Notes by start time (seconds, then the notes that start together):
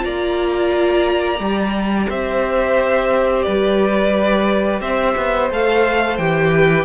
0.00 A#3 F4 D5 A#5
1.39 G3 G4
2.09 C4 C5 E5
3.43 G3 B4 D5
4.81 C4 C5 E5
5.17 B3
5.50 A3 A4 F5
6.17 E3 G4 G5
6.52 B4